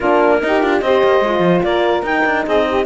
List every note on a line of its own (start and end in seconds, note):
0.00 0.43 A#3
0.00 0.41 D4
0.00 0.39 F4
0.00 0.80 A#4
0.41 0.61 D#4
0.41 0.63 D#4
0.41 0.84 G4
0.61 0.81 D4
0.61 0.82 F4
0.80 1.02 C4
0.80 1.24 G4
0.80 1.65 C5
0.80 1.62 D#5
1.03 1.19 A#3
1.19 1.39 G#3
1.19 2.04 F4
1.39 1.60 F3
1.63 2.02 A#3
1.63 2.45 A#4
1.63 2.04 D5
2.02 2.23 D#4
2.02 2.85 D#4
2.02 2.46 G5
2.25 2.46 D4
2.45 2.85 C4
2.45 2.65 G#4
2.45 2.85 D#5
2.67 2.85 G4